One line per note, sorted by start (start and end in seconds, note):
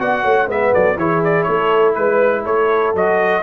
0.00 0.24 B3
0.00 0.48 F#4
0.00 0.24 D5
0.00 0.50 F#5
0.24 0.48 A3
0.24 0.48 C#5
0.48 0.73 G#3
0.48 0.97 B3
0.48 0.73 B4
0.48 0.74 E5
0.73 0.97 F#3
0.73 0.98 A4
0.73 0.99 D5
0.97 1.46 E3
0.97 2.96 E4
0.97 1.49 G#4
0.97 1.24 C#5
1.24 1.44 D5
1.44 1.97 A3
1.44 1.96 A4
1.44 1.93 C#5
1.95 2.46 G#3
1.95 2.45 B4
1.95 2.44 B4
2.44 2.95 A3
2.44 3.43 A4
2.44 2.95 C#5
2.95 3.43 F#3
2.95 3.43 F#4
2.95 3.43 D#5